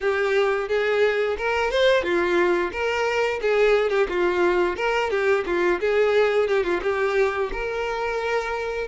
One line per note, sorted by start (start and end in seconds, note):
0.00 0.68 G4
0.68 1.36 G#4
1.37 1.70 A#4
1.70 2.03 C5
2.03 2.71 F4
2.71 3.40 A#4
3.41 3.90 G#4
3.90 4.07 G4
4.08 4.76 F4
4.76 5.10 A#4
5.10 5.44 G4
5.45 5.80 F4
5.80 6.48 G#4
6.48 6.63 G4
6.63 6.80 F4
6.82 7.50 G4
7.52 8.87 A#4